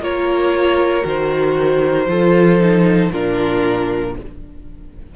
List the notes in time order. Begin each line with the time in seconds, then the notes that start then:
0.00 A#3 F4 A#4 C#5
1.03 D#3 F#4 C5
2.07 F3 F4 A4
2.59 D#4
3.12 A#2 D4 F4 A#4